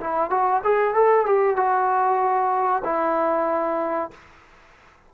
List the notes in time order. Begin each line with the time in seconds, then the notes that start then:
0.00 E4
0.30 F#4
0.64 G#4
0.94 A4
1.25 G4
1.56 F#4
2.84 E4